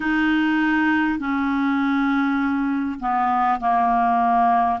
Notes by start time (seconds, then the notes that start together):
0.00 D#4
1.19 C#4
2.99 B3
3.59 A#3